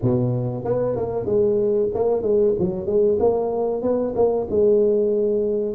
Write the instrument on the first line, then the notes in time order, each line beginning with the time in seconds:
tuba
0.01 B2
0.64 B3
0.96 A#3
1.25 G#3
1.94 A#3
2.22 G#3
2.59 F#3
2.86 G#3
3.19 A#3
3.82 B3
4.15 A#3
4.50 G#3